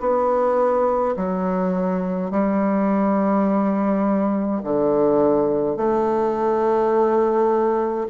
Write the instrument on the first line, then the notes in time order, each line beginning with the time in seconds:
bassoon
0.00 B3
1.16 F#3
2.31 G3
4.64 D3
5.76 A3